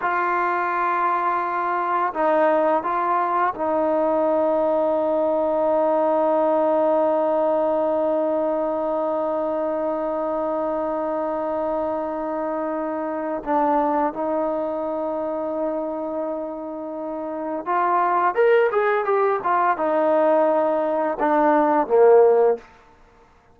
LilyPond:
\new Staff \with { instrumentName = "trombone" } { \time 4/4 \tempo 4 = 85 f'2. dis'4 | f'4 dis'2.~ | dis'1~ | dis'1~ |
dis'2. d'4 | dis'1~ | dis'4 f'4 ais'8 gis'8 g'8 f'8 | dis'2 d'4 ais4 | }